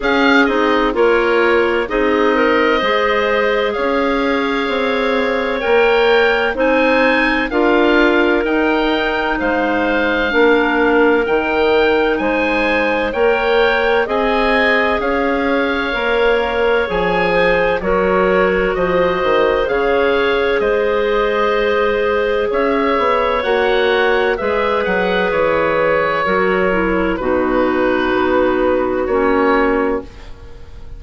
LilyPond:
<<
  \new Staff \with { instrumentName = "oboe" } { \time 4/4 \tempo 4 = 64 f''8 dis''8 cis''4 dis''2 | f''2 g''4 gis''4 | f''4 g''4 f''2 | g''4 gis''4 g''4 gis''4 |
f''2 gis''4 cis''4 | dis''4 f''4 dis''2 | e''4 fis''4 e''8 fis''8 cis''4~ | cis''4 b'2 cis''4 | }
  \new Staff \with { instrumentName = "clarinet" } { \time 4/4 gis'4 ais'4 gis'8 ais'8 c''4 | cis''2. c''4 | ais'2 c''4 ais'4~ | ais'4 c''4 cis''4 dis''4 |
cis''2~ cis''8 c''8 ais'4 | c''4 cis''4 c''2 | cis''2 b'2 | ais'4 fis'2. | }
  \new Staff \with { instrumentName = "clarinet" } { \time 4/4 cis'8 dis'8 f'4 dis'4 gis'4~ | gis'2 ais'4 dis'4 | f'4 dis'2 d'4 | dis'2 ais'4 gis'4~ |
gis'4 ais'4 gis'4 fis'4~ | fis'4 gis'2.~ | gis'4 fis'4 gis'2 | fis'8 e'8 dis'2 cis'4 | }
  \new Staff \with { instrumentName = "bassoon" } { \time 4/4 cis'8 c'8 ais4 c'4 gis4 | cis'4 c'4 ais4 c'4 | d'4 dis'4 gis4 ais4 | dis4 gis4 ais4 c'4 |
cis'4 ais4 f4 fis4 | f8 dis8 cis4 gis2 | cis'8 b8 ais4 gis8 fis8 e4 | fis4 b,4 b4 ais4 | }
>>